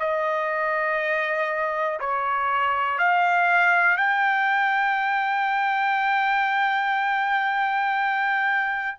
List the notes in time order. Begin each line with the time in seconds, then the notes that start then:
0.00 D#5
2.00 C#5
2.99 F5
3.98 G5